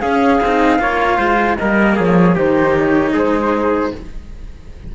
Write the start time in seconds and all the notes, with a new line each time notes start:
0.00 C#4 G#4 F5
0.41 C4 D#4
0.78 A#3 F4 C#5
1.17 G#3 C5
1.56 G3 A#3 A#4 D#5
1.95 F3 G#4 C#5
2.35 D#3 D#4 G4 C5
2.75 C#5
3.13 G#3 G#4 C5